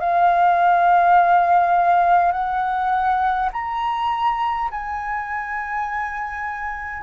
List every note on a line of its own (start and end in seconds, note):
0.00 2.32 F5
2.32 3.49 F#5
3.52 4.70 A#5
4.71 7.03 G#5